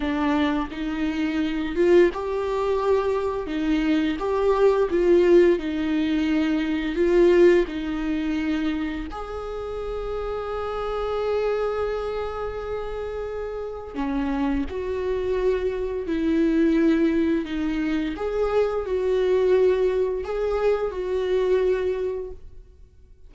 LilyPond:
\new Staff \with { instrumentName = "viola" } { \time 4/4 \tempo 4 = 86 d'4 dis'4. f'8 g'4~ | g'4 dis'4 g'4 f'4 | dis'2 f'4 dis'4~ | dis'4 gis'2.~ |
gis'1 | cis'4 fis'2 e'4~ | e'4 dis'4 gis'4 fis'4~ | fis'4 gis'4 fis'2 | }